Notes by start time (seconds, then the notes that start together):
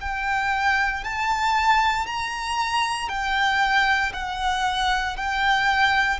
0.00 G5
1.03 A5
2.06 A#5
3.08 G5
4.13 F#5
5.16 G5